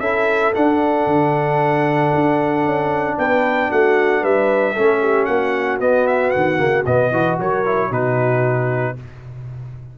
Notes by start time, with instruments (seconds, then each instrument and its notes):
0.00 tuba C#4, trombone E4, horn A4, trumpet E5
0.55 trombone D4, tuba D4, trumpet F#5
1.07 tuba D3
2.15 tuba D4
2.65 tuba C#4
3.18 tuba B3, horn B4, trumpet G5
3.70 tuba A3, horn F#4, trumpet F#5
4.22 tuba G3, horn B4, trumpet E5
4.73 tuba A3, trombone C#4, horn A4
5.02 horn G4
5.26 tuba A#3, horn F#4, trumpet F#5
5.80 tuba B3, trombone B3, trumpet D#5
6.07 trumpet E5
6.31 tuba D#3, trumpet F#5
6.58 tuba C#3, trombone A#3
6.86 tuba B2, trombone B3, trumpet D#5
7.12 tuba E3, trombone F#4, horn B4
7.40 tuba F#3, horn A#4, trumpet C#5
7.66 trombone E4
7.90 tuba B2, trombone D#4, horn F#4, trumpet B4